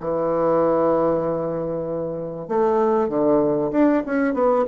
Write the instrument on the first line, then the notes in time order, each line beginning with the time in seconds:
bassoon
0.00 E3
2.48 A3
3.08 D3
3.71 D4
4.06 C#4
4.34 B3